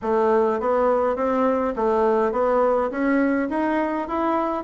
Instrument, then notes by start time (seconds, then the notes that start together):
bassoon
0.02 A3
0.60 B3
1.15 C4
1.76 A3
2.32 B3
2.90 C#4
3.50 D#4
4.08 E4